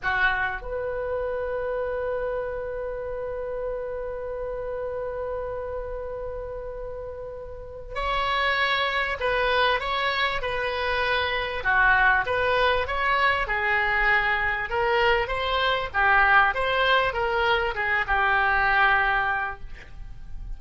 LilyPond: \new Staff \with { instrumentName = "oboe" } { \time 4/4 \tempo 4 = 98 fis'4 b'2.~ | b'1~ | b'1~ | b'4 cis''2 b'4 |
cis''4 b'2 fis'4 | b'4 cis''4 gis'2 | ais'4 c''4 g'4 c''4 | ais'4 gis'8 g'2~ g'8 | }